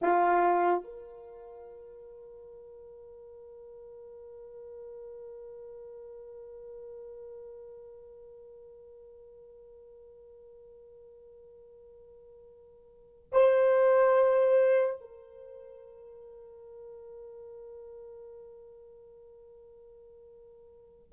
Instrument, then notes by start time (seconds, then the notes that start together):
horn
0.01 F4
0.84 A#4
13.32 C5
15.00 A#4